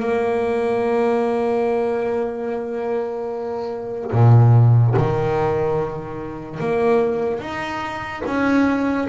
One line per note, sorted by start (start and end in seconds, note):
0.00 4.11 A#3
4.12 4.95 A#2
4.97 6.60 D#3
6.60 7.40 A#3
7.40 8.22 D#4
8.26 9.08 C#4